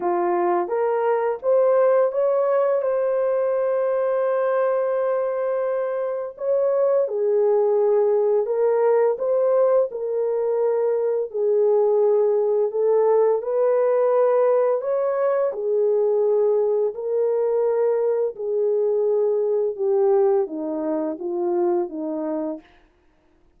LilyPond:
\new Staff \with { instrumentName = "horn" } { \time 4/4 \tempo 4 = 85 f'4 ais'4 c''4 cis''4 | c''1~ | c''4 cis''4 gis'2 | ais'4 c''4 ais'2 |
gis'2 a'4 b'4~ | b'4 cis''4 gis'2 | ais'2 gis'2 | g'4 dis'4 f'4 dis'4 | }